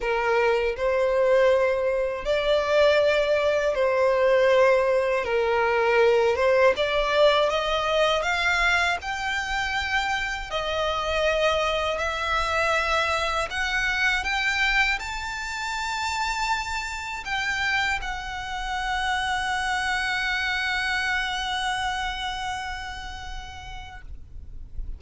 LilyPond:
\new Staff \with { instrumentName = "violin" } { \time 4/4 \tempo 4 = 80 ais'4 c''2 d''4~ | d''4 c''2 ais'4~ | ais'8 c''8 d''4 dis''4 f''4 | g''2 dis''2 |
e''2 fis''4 g''4 | a''2. g''4 | fis''1~ | fis''1 | }